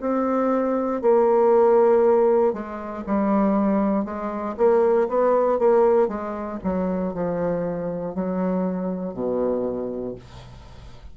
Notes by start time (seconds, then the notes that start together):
0.00 C4
1.01 A#3
2.53 G#3
3.06 G3
4.04 G#3
4.57 A#3
5.08 B3
5.59 A#3
6.08 G#3
6.63 F#3
7.14 F3
8.14 F#3
9.13 B2